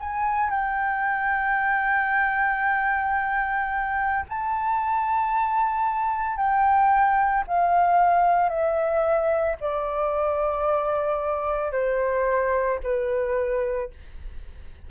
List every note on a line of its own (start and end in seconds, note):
0.00 0.50 G#5
0.50 4.25 G5
4.29 6.37 A5
6.37 7.44 G5
7.47 8.49 F5
8.49 9.56 E5
9.60 11.72 D5
11.72 12.79 C5
12.83 13.90 B4